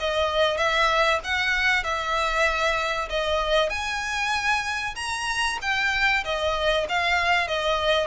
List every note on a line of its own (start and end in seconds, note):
0.00 0.57 D#5
0.57 1.20 E5
1.24 1.84 F#5
1.84 3.09 E5
3.10 3.70 D#5
3.70 4.95 G#5
4.96 5.59 A#5
5.62 6.24 G5
6.24 6.87 D#5
6.89 7.48 F5
7.48 8.07 D#5